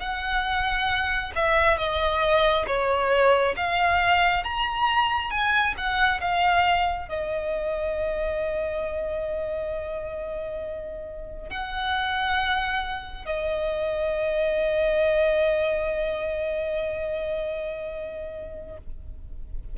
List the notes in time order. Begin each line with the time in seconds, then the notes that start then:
0.00 F#5
1.36 E5
1.77 D#5
2.67 C#5
3.57 F5
4.44 A#5
5.31 G#5
5.78 F#5
6.21 F5
7.09 D#5
11.50 F#5
13.26 D#5